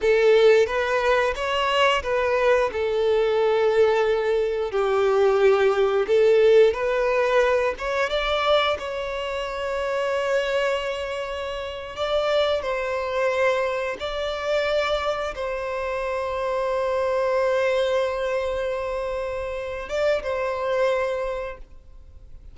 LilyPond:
\new Staff \with { instrumentName = "violin" } { \time 4/4 \tempo 4 = 89 a'4 b'4 cis''4 b'4 | a'2. g'4~ | g'4 a'4 b'4. cis''8 | d''4 cis''2.~ |
cis''4.~ cis''16 d''4 c''4~ c''16~ | c''8. d''2 c''4~ c''16~ | c''1~ | c''4. d''8 c''2 | }